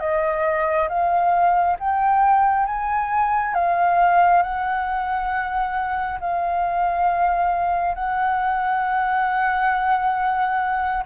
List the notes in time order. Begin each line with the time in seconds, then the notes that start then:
0.00 D#5
0.89 F5
1.79 G5
2.66 G#5
3.54 F5
4.43 F#5
6.20 F5
7.95 F#5